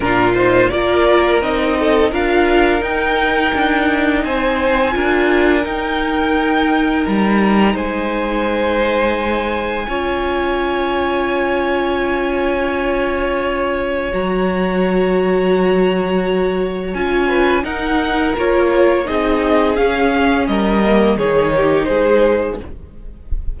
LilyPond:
<<
  \new Staff \with { instrumentName = "violin" } { \time 4/4 \tempo 4 = 85 ais'8 c''8 d''4 dis''4 f''4 | g''2 gis''2 | g''2 ais''4 gis''4~ | gis''1~ |
gis''1 | ais''1 | gis''4 fis''4 cis''4 dis''4 | f''4 dis''4 cis''4 c''4 | }
  \new Staff \with { instrumentName = "violin" } { \time 4/4 f'4 ais'4. a'8 ais'4~ | ais'2 c''4 ais'4~ | ais'2. c''4~ | c''2 cis''2~ |
cis''1~ | cis''1~ | cis''8 b'8 ais'2 gis'4~ | gis'4 ais'4 gis'8 g'8 gis'4 | }
  \new Staff \with { instrumentName = "viola" } { \time 4/4 d'8 dis'8 f'4 dis'4 f'4 | dis'2. f'4 | dis'1~ | dis'2 f'2~ |
f'1 | fis'1 | f'4 dis'4 f'4 dis'4 | cis'4. ais8 dis'2 | }
  \new Staff \with { instrumentName = "cello" } { \time 4/4 ais,4 ais4 c'4 d'4 | dis'4 d'4 c'4 d'4 | dis'2 g4 gis4~ | gis2 cis'2~ |
cis'1 | fis1 | cis'4 dis'4 ais4 c'4 | cis'4 g4 dis4 gis4 | }
>>